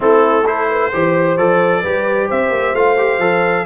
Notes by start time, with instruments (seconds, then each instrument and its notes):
0.00 tuba A3, trombone C4, horn E4, trumpet A4
0.44 trombone E4, horn A4, trumpet C5
0.69 horn B4
0.93 tuba E3, trombone G4, horn C5
1.37 tuba F3, trombone A4, trumpet D5
1.81 tuba G3, trombone G4, horn B4
2.27 tuba C4, horn C5, trumpet E5
2.50 tuba A#3
2.73 tuba A3, trombone F4, trumpet F5
2.97 trombone G4
3.18 tuba F3, trombone A4